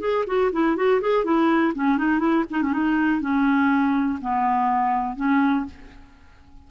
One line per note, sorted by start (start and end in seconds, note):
0.00 0.25 G#4
0.27 0.51 F#4
0.52 0.76 E4
0.76 1.01 F#4
1.01 1.24 G#4
1.24 1.73 E4
1.75 1.98 C#4
1.98 2.19 D#4
2.19 2.44 E4
2.50 2.62 D#4
2.62 2.73 C#4
2.73 3.21 D#4
3.21 4.19 C#4
4.21 5.16 B3
5.16 5.65 C#4